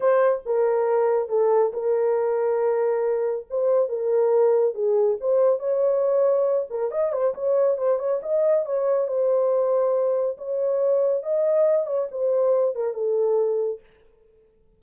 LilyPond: \new Staff \with { instrumentName = "horn" } { \time 4/4 \tempo 4 = 139 c''4 ais'2 a'4 | ais'1 | c''4 ais'2 gis'4 | c''4 cis''2~ cis''8 ais'8 |
dis''8 c''8 cis''4 c''8 cis''8 dis''4 | cis''4 c''2. | cis''2 dis''4. cis''8 | c''4. ais'8 a'2 | }